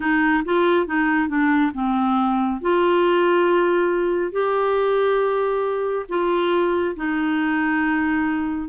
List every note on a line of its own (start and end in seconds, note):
0.00 0.43 D#4
0.44 0.86 F4
0.86 1.28 D#4
1.28 1.72 D4
1.74 2.61 C4
2.61 4.32 F4
4.32 6.06 G4
6.08 6.95 F4
6.96 8.68 D#4